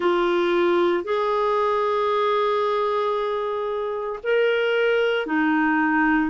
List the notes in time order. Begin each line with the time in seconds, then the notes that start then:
0.00 F4
1.03 G#4
4.23 A#4
5.26 D#4